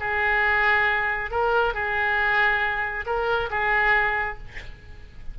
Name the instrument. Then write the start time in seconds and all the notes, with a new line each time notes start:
oboe
0.00 G#4
1.31 A#4
1.74 G#4
3.06 A#4
3.50 G#4